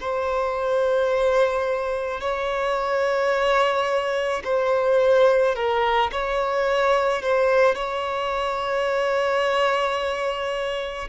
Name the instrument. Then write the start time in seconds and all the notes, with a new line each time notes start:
violin
0.00 C5
2.21 C#5
4.44 C5
5.55 A#4
6.12 C#5
7.22 C5
7.75 C#5